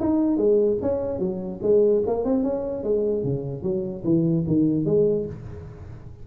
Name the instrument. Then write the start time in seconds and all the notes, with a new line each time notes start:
tuba
0.00 D#4
0.37 G#3
0.82 C#4
1.19 F#3
1.63 G#3
2.07 A#3
2.25 C4
2.43 C#4
2.83 G#3
3.23 C#3
3.63 F#3
4.04 E3
4.47 D#3
4.85 G#3